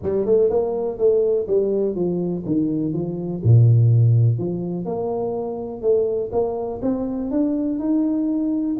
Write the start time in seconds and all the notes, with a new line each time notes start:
0.02 G3
0.25 A3
0.50 A#3
0.98 A3
1.47 G3
1.95 F3
2.45 D#3
2.93 F3
3.43 A#2
4.38 F3
4.85 A#3
5.81 A3
6.31 A#3
6.82 C4
7.31 D4
7.79 D#4